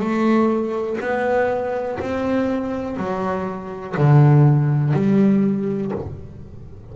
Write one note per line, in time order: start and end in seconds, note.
0.00 0.98 A3
1.01 1.99 B3
2.00 2.97 C4
2.97 3.96 F#3
3.97 4.94 D3
4.94 5.92 G3